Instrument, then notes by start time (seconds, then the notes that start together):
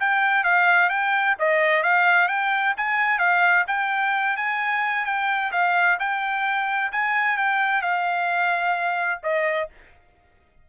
trumpet
0.00 G5
0.44 F5
0.90 G5
1.39 D#5
1.83 F5
2.28 G5
2.77 G#5
3.19 F5
3.68 G5
4.37 G#5
5.06 G5
5.52 F5
6.00 G5
6.92 G#5
7.38 G5
7.82 F5
9.23 D#5